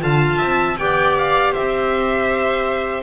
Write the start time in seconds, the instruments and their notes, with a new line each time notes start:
0.00 double bass D3, clarinet F4, viola F5, violin A5
0.38 double bass C4, viola E5
0.78 double bass B3, clarinet G4, viola D5, violin G5
1.18 violin F5
1.52 double bass C4, viola C5, violin E5